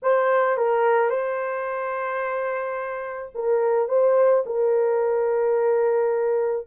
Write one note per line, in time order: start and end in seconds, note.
0.02 0.57 C5
0.57 1.10 A#4
1.10 3.32 C5
3.35 3.88 A#4
3.88 4.43 C5
4.45 6.66 A#4